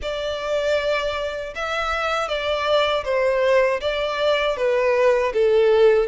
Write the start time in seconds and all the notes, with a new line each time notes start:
0.02 D5
1.55 E5
2.28 D5
3.04 C5
3.80 D5
4.56 B4
5.33 A4